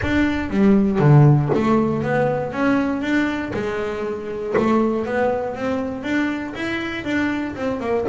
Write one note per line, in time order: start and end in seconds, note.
0.02 0.50 D4
0.50 0.99 G3
0.99 1.49 D3
1.54 2.02 A3
2.02 2.52 B3
2.52 3.01 C#4
3.01 3.52 D4
3.53 4.54 G#3
4.57 5.05 A3
5.05 5.55 B3
5.55 6.03 C4
6.03 6.53 D4
6.55 7.04 E4
7.04 7.54 D4
7.55 7.80 C4
7.80 8.05 A#3